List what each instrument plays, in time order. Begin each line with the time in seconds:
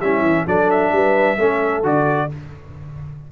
0.00 tuba G3, trombone C#4, horn E4, trumpet E5
0.21 tuba E3
0.46 tuba F#3, trombone D4, horn A4, trumpet D5
0.70 trumpet E5
0.92 tuba G3, horn B4
1.38 tuba A3, trombone C#4, horn A4
1.83 tuba D3, trombone F#4, trumpet D5